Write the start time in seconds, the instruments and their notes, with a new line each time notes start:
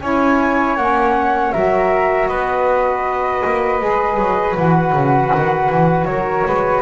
0.00 double bass C#4, saxophone E4, flute C#5 G#5
0.76 double bass A#3, saxophone C#4, flute F#5
1.52 double bass F#3, saxophone F#4, flute A#4 E5
2.27 double bass B3, flute B4 D#5
3.45 double bass A#3
3.80 double bass G#3, saxophone G#4
4.17 double bass F#3
4.56 double bass E3, saxophone F#4, flute F#5
4.93 double bass C#3
5.35 double bass D#3
5.70 double bass E3
6.05 double bass F#3, flute A#4 C#5
6.46 double bass G#3, flute B4